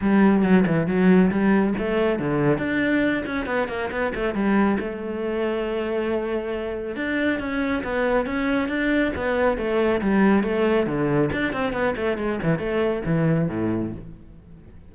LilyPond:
\new Staff \with { instrumentName = "cello" } { \time 4/4 \tempo 4 = 138 g4 fis8 e8 fis4 g4 | a4 d4 d'4. cis'8 | b8 ais8 b8 a8 g4 a4~ | a1 |
d'4 cis'4 b4 cis'4 | d'4 b4 a4 g4 | a4 d4 d'8 c'8 b8 a8 | gis8 e8 a4 e4 a,4 | }